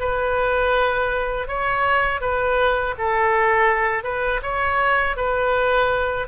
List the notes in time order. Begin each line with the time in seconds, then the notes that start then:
0.00 B4
1.47 C#5
2.21 B4
2.98 A4
4.04 B4
4.42 C#5
5.16 B4